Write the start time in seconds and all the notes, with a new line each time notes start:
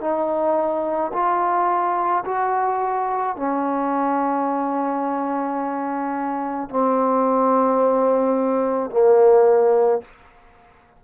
0.00 D#4
1.13 F4
2.25 F#4
3.36 C#4
6.69 C4
8.90 A#3